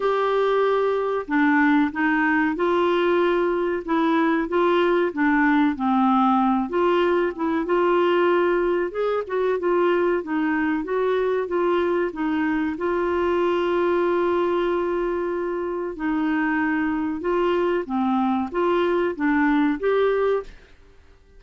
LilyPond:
\new Staff \with { instrumentName = "clarinet" } { \time 4/4 \tempo 4 = 94 g'2 d'4 dis'4 | f'2 e'4 f'4 | d'4 c'4. f'4 e'8 | f'2 gis'8 fis'8 f'4 |
dis'4 fis'4 f'4 dis'4 | f'1~ | f'4 dis'2 f'4 | c'4 f'4 d'4 g'4 | }